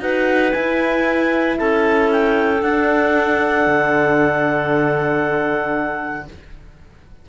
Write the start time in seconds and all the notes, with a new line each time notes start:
0.00 D#4 F#4 B4 F#5
0.52 E4 G#5
1.58 C#4 A4 A5
2.12 G5
2.62 D4 F#5
3.67 D3